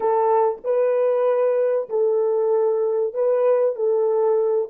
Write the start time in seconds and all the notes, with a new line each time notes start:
0.00 A4
0.64 B4
1.89 A4
3.13 B4
3.75 A4